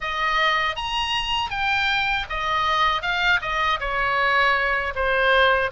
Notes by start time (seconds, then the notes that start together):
0.00 D#5
0.76 A#5
1.49 G5
2.29 D#5
3.02 F5
3.41 D#5
3.79 C#5
4.95 C5